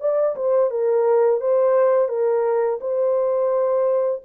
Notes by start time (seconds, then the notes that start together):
0.00 D5
0.36 C5
0.71 A#4
1.41 C5
2.09 A#4
2.80 C5